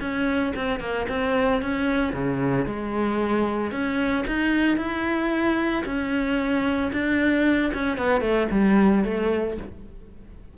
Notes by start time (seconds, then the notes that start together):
0.00 C#4
0.56 C4
0.80 A#3
1.08 C4
1.62 C#4
2.13 C#3
2.65 G#3
3.71 C#4
4.26 D#4
4.77 E4
5.85 C#4
6.92 D4
7.74 C#4
7.97 B3
8.21 A3
8.51 G3
9.04 A3